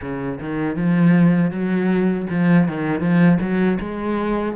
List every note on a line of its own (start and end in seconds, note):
0.01 0.39 C#3
0.40 0.76 D#3
0.76 1.50 F3
1.50 2.26 F#3
2.30 2.68 F3
2.68 3.00 D#3
3.00 3.38 F3
3.40 3.78 F#3
3.79 4.55 G#3